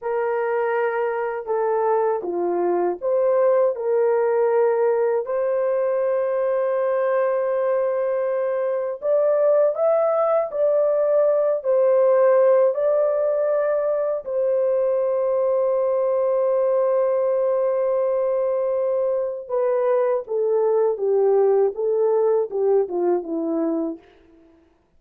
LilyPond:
\new Staff \with { instrumentName = "horn" } { \time 4/4 \tempo 4 = 80 ais'2 a'4 f'4 | c''4 ais'2 c''4~ | c''1 | d''4 e''4 d''4. c''8~ |
c''4 d''2 c''4~ | c''1~ | c''2 b'4 a'4 | g'4 a'4 g'8 f'8 e'4 | }